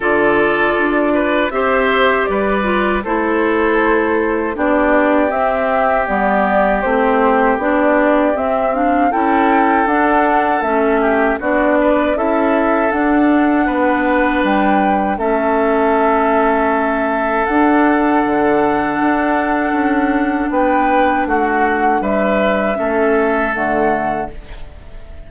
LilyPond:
<<
  \new Staff \with { instrumentName = "flute" } { \time 4/4 \tempo 4 = 79 d''2 e''4 d''4 | c''2 d''4 e''4 | d''4 c''4 d''4 e''8 f''8 | g''4 fis''4 e''4 d''4 |
e''4 fis''2 g''4 | e''2. fis''4~ | fis''2. g''4 | fis''4 e''2 fis''4 | }
  \new Staff \with { instrumentName = "oboe" } { \time 4/4 a'4. b'8 c''4 b'4 | a'2 g'2~ | g'1 | a'2~ a'8 g'8 fis'8 b'8 |
a'2 b'2 | a'1~ | a'2. b'4 | fis'4 b'4 a'2 | }
  \new Staff \with { instrumentName = "clarinet" } { \time 4/4 f'2 g'4. f'8 | e'2 d'4 c'4 | b4 c'4 d'4 c'8 d'8 | e'4 d'4 cis'4 d'4 |
e'4 d'2. | cis'2. d'4~ | d'1~ | d'2 cis'4 a4 | }
  \new Staff \with { instrumentName = "bassoon" } { \time 4/4 d4 d'4 c'4 g4 | a2 b4 c'4 | g4 a4 b4 c'4 | cis'4 d'4 a4 b4 |
cis'4 d'4 b4 g4 | a2. d'4 | d4 d'4 cis'4 b4 | a4 g4 a4 d4 | }
>>